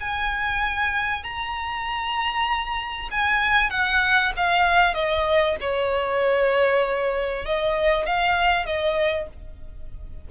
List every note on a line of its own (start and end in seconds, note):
0.00 1.23 G#5
1.23 3.08 A#5
3.10 3.70 G#5
3.70 4.32 F#5
4.36 4.94 F5
4.94 5.56 D#5
5.60 7.45 C#5
7.45 8.05 D#5
8.05 8.65 F5
8.65 9.27 D#5